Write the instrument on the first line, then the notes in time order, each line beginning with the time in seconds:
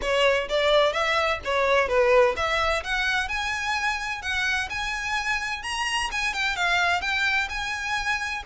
violin
0.01 C#5
0.48 D5
0.92 E5
1.44 C#5
1.88 B4
2.36 E5
2.83 F#5
3.28 G#5
4.22 F#5
4.69 G#5
5.62 A#5
6.11 G#5
6.33 G5
6.56 F5
7.01 G5
7.49 G#5